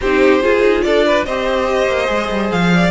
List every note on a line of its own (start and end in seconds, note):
0.01 0.43 C4
0.01 0.41 D#4
0.01 0.42 G4
0.01 0.81 C5
0.41 1.25 F4
0.41 0.60 F4
0.41 0.84 G#4
0.60 0.81 D#4
0.81 1.26 D4
0.81 1.06 A4
0.81 1.23 D5
1.06 1.26 B4
1.25 1.87 C4
1.25 2.06 G4
1.25 2.73 C5
1.25 2.51 D#5
1.87 2.08 A#3
2.06 2.29 G#3
2.06 2.90 G#4
2.30 2.51 G3
2.51 2.91 F3
2.51 2.91 F5
2.73 2.91 D5